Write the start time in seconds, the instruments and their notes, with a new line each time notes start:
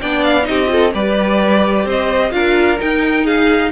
0.00 cello B3, viola D4, violin D5 G5
0.23 violin F5
0.42 viola D#4, violin D#5
0.49 cello C4, violin G4
0.66 viola F4, violin A4
0.93 cello G3, viola G4, violin B4 D5
1.85 cello C4, violin C5 D#5
2.30 cello D4, viola F4, violin A#4 F5
2.78 viola D#4, cello D#4, violin G5
3.24 violin G#4 F5